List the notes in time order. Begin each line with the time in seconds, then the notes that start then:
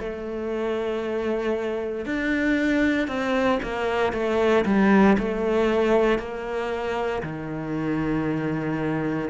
0.00 A3
2.06 D4
3.08 C4
3.63 A#3
4.13 A3
4.66 G3
5.19 A3
6.19 A#3
7.23 D#3